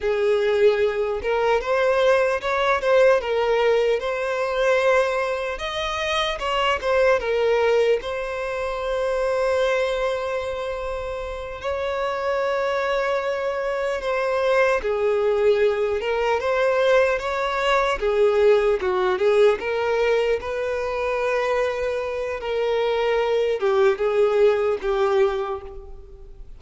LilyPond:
\new Staff \with { instrumentName = "violin" } { \time 4/4 \tempo 4 = 75 gis'4. ais'8 c''4 cis''8 c''8 | ais'4 c''2 dis''4 | cis''8 c''8 ais'4 c''2~ | c''2~ c''8 cis''4.~ |
cis''4. c''4 gis'4. | ais'8 c''4 cis''4 gis'4 fis'8 | gis'8 ais'4 b'2~ b'8 | ais'4. g'8 gis'4 g'4 | }